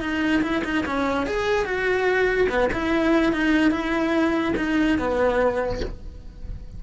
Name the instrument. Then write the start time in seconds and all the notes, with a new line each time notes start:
cello
0.00 D#4
0.42 E4
0.64 D#4
0.86 C#4
1.27 G#4
1.65 F#4
2.49 B3
2.73 E4
3.32 D#4
3.71 E4
4.56 D#4
4.98 B3